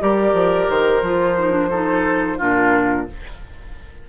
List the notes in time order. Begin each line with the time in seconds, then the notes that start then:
0.00 G3 G4 A#4 D5
0.33 F3
0.70 D#3 C5
1.02 F3 F4
1.39 D#4
1.51 D4
1.70 D#4 A4
2.38 A#2 D4 F4 A#4